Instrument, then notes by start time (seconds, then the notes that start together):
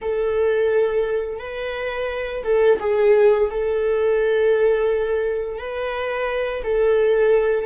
viola
0.01 A4
1.39 B4
2.44 A4
2.80 G#4
3.50 A4
5.58 B4
6.63 A4